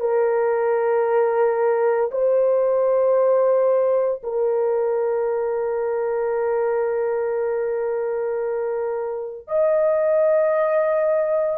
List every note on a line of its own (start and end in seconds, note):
0.00 2.11 A#4
2.11 4.22 C5
4.23 9.47 A#4
9.47 11.58 D#5